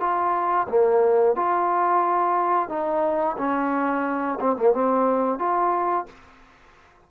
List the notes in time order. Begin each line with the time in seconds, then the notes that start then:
0.00 F4
0.68 A#3
1.36 F4
2.69 D#4
3.38 C#4
4.40 C4
4.56 A#3
4.73 C4
5.38 F4